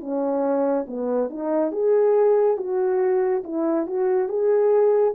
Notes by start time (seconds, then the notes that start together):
0.00 C#4
0.87 B3
1.30 D#4
1.72 G#4
2.57 F#4
3.44 E4
3.87 F#4
4.29 G#4